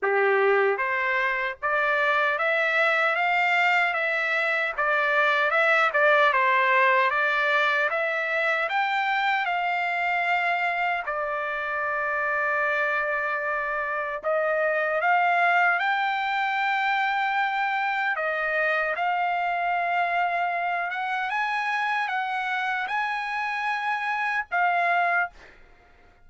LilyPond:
\new Staff \with { instrumentName = "trumpet" } { \time 4/4 \tempo 4 = 76 g'4 c''4 d''4 e''4 | f''4 e''4 d''4 e''8 d''8 | c''4 d''4 e''4 g''4 | f''2 d''2~ |
d''2 dis''4 f''4 | g''2. dis''4 | f''2~ f''8 fis''8 gis''4 | fis''4 gis''2 f''4 | }